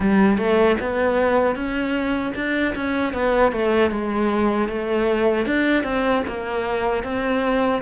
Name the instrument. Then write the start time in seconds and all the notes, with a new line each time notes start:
cello
0.00 G3
0.37 A3
0.80 B3
1.55 C#4
2.35 D4
2.75 C#4
3.13 B3
3.52 A3
3.91 G#3
4.68 A3
5.46 D4
5.83 C4
6.27 A#3
7.03 C4